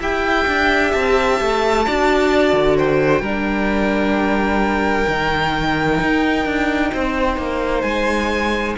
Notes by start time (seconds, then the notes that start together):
0.00 E4 G4 E5 G5
0.48 D4
0.92 C4 A5
1.41 A3
1.87 D4 F#4 D5
2.53 D3
2.77 C5 G5
3.21 G3 D4 A#4
5.08 D#3 D#4
6.01 D#4
6.46 D4
6.93 C4 C5
7.38 A#3
7.82 G#3 G#5